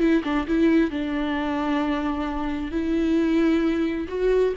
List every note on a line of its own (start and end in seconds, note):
0.00 0.23 E4
0.24 0.47 D4
0.48 0.91 E4
0.91 2.71 D4
2.71 4.08 E4
4.09 4.54 F#4